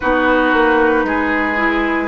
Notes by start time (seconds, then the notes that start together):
0.00 B3 D#4 F#4 B4
0.53 A#3
1.04 G#3 G#4
1.57 E4